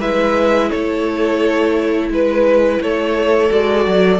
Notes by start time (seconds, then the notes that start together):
0.00 G#3 E4 B4 E5
0.70 A3 A4 C#5
2.10 G#3 B4
2.81 A3 A4 C#5
3.50 G#3 F#4 D5
3.87 F#3